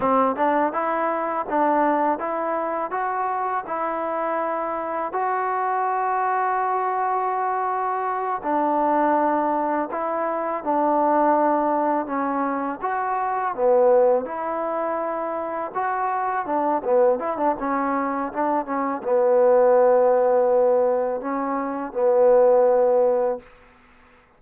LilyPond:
\new Staff \with { instrumentName = "trombone" } { \time 4/4 \tempo 4 = 82 c'8 d'8 e'4 d'4 e'4 | fis'4 e'2 fis'4~ | fis'2.~ fis'8 d'8~ | d'4. e'4 d'4.~ |
d'8 cis'4 fis'4 b4 e'8~ | e'4. fis'4 d'8 b8 e'16 d'16 | cis'4 d'8 cis'8 b2~ | b4 cis'4 b2 | }